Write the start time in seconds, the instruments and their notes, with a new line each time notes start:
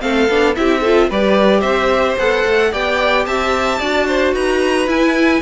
0.00 cello A3, viola C4, violin A4 F5
0.29 cello B3, viola D4
0.55 cello C4, viola E4, violin G4 E5
0.81 viola F4, violin A4
1.10 cello G3, viola G4, violin B4 D5
1.60 cello C4, violin C5 E5
2.18 cello B3, viola A4, violin F#5
2.46 cello A3
2.72 cello B3, viola G4, violin D5 G5
3.26 cello C4, violin E5 A5
3.80 cello D4, viola F#4, violin D5
4.08 violin C5
4.34 cello D#4, violin B4 A#5
4.88 viola E4, cello E4, violin G#5